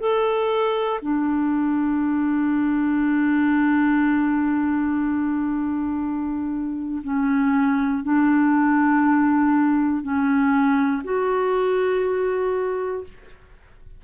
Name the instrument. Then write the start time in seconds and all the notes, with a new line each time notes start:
clarinet
0.00 A4
1.02 D4
7.04 C#4
8.04 D4
10.03 C#4
11.04 F#4